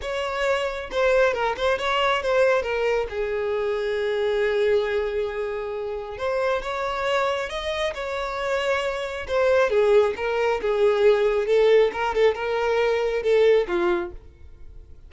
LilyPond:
\new Staff \with { instrumentName = "violin" } { \time 4/4 \tempo 4 = 136 cis''2 c''4 ais'8 c''8 | cis''4 c''4 ais'4 gis'4~ | gis'1~ | gis'2 c''4 cis''4~ |
cis''4 dis''4 cis''2~ | cis''4 c''4 gis'4 ais'4 | gis'2 a'4 ais'8 a'8 | ais'2 a'4 f'4 | }